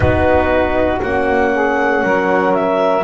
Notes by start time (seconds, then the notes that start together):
0.00 B3 D#4 F#4 B4
1.02 A#3 C#4 F#5
1.54 G#4
2.03 F#3 A#4
2.53 E5